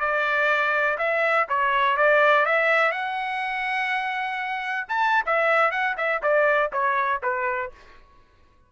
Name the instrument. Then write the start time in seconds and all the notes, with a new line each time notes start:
trumpet
0.00 D5
0.98 E5
1.49 C#5
1.97 D5
2.45 E5
2.92 F#5
4.88 A5
5.26 E5
5.71 F#5
5.97 E5
6.22 D5
6.72 C#5
7.23 B4